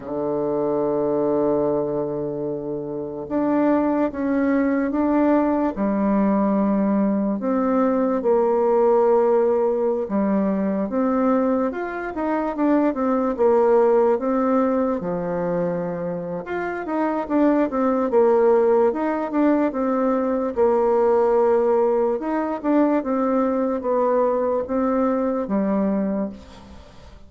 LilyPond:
\new Staff \with { instrumentName = "bassoon" } { \time 4/4 \tempo 4 = 73 d1 | d'4 cis'4 d'4 g4~ | g4 c'4 ais2~ | ais16 g4 c'4 f'8 dis'8 d'8 c'16~ |
c'16 ais4 c'4 f4.~ f16 | f'8 dis'8 d'8 c'8 ais4 dis'8 d'8 | c'4 ais2 dis'8 d'8 | c'4 b4 c'4 g4 | }